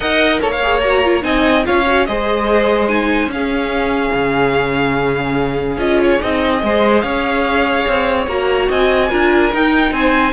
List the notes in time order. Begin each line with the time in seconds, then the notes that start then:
0.00 D#4 A#4 D#5 F#5
0.40 A#3 A4 C#5
0.51 F5
0.62 G#4
0.80 F#4 A#5
1.04 F4
1.21 C4 D#4 D#5 G#5
1.64 C#4 F4 C#5 F5
1.86 F#4
2.06 G#3 G#4 C5 D#5
2.88 D#4 G#5
3.26 C#4 F5
3.33 G#4
4.14 C#3
5.77 C#4 F4 D#5
6.02 C#5
6.20 C4 D#4 D#5
6.62 G#3 G#4 C5
7.01 C#4 C#5 F5
7.87 C4
8.26 A#3 F#4 A#5
8.69 C4 D#5 G#5
9.09 D4 F4 A#4
9.53 D#4 G5
9.91 C4 C5 G#5